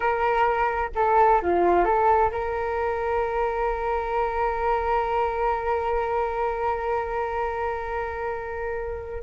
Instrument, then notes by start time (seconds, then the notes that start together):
flute
0.00 A#4
0.95 A4
1.42 F4
1.84 A4
2.31 A#4